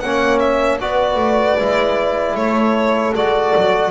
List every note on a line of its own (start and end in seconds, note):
0.00 0.80 A#3
0.00 0.80 C#4
0.00 0.80 C#5
0.00 0.39 F#5
0.39 0.78 E5
0.80 1.16 B3
0.80 1.58 F#4
0.80 2.36 B4
0.80 2.36 D5
1.16 1.55 A3
1.59 2.35 G#3
1.59 3.15 E4
2.35 3.13 A3
2.35 3.91 A4
2.35 3.14 C#5
3.15 3.54 G#3
3.15 3.91 F#4
3.15 3.91 D5
3.57 3.91 F#3